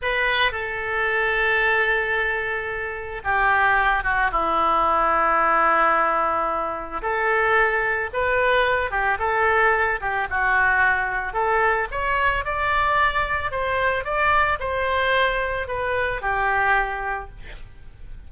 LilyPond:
\new Staff \with { instrumentName = "oboe" } { \time 4/4 \tempo 4 = 111 b'4 a'2.~ | a'2 g'4. fis'8 | e'1~ | e'4 a'2 b'4~ |
b'8 g'8 a'4. g'8 fis'4~ | fis'4 a'4 cis''4 d''4~ | d''4 c''4 d''4 c''4~ | c''4 b'4 g'2 | }